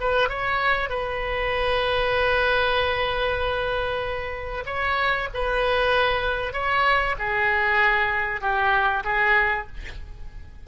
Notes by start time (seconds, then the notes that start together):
0.00 B4
0.29 C#5
0.89 B4
4.66 C#5
5.34 B4
6.53 C#5
7.19 G#4
8.41 G4
9.04 G#4